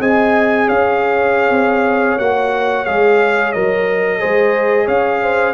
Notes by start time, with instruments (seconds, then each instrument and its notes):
0.00 tuba C4, trombone G#4, horn D#5, trumpet G#5
0.66 tuba C#4, horn C#5, trumpet F5
1.50 tuba C4
2.19 tuba A#3, trombone F#4, trumpet F#5
2.85 tuba G#3, trombone G#4, trumpet F5
3.52 tuba F#3, trombone A#4, trumpet D#5
4.19 tuba G#3, trombone G#4, horn C5
4.85 tuba C#4, horn C#5, trumpet F5
5.22 horn C5